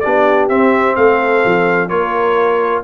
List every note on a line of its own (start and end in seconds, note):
0.00 0.49 B3
0.00 0.50 D4
0.00 0.96 G4
0.00 0.47 D5
0.49 0.96 C4
0.49 1.89 C4
0.49 0.96 E5
0.96 1.44 A3
0.96 1.89 A4
0.96 1.89 F5
1.45 1.90 F3
1.89 2.84 A#3
1.89 2.83 F4
1.89 2.83 A#4
1.89 2.83 C#5